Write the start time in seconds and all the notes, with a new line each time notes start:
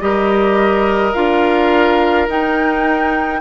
0.00 G3 G4 A#4 D#5
1.13 D4 F4 F5
2.27 D#4 G5